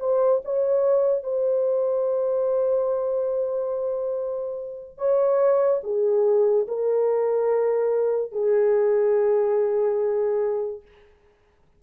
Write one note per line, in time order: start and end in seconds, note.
0.00 0.42 C5
0.45 1.24 C#5
1.24 4.98 C5
4.98 5.82 C#5
5.84 6.67 G#4
6.68 8.33 A#4
8.33 10.83 G#4